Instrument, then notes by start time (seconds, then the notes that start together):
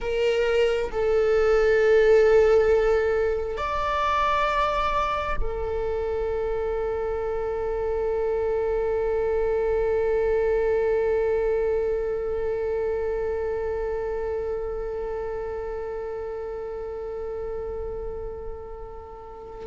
viola
0.00 A#4
0.91 A4
3.57 D5
5.41 A4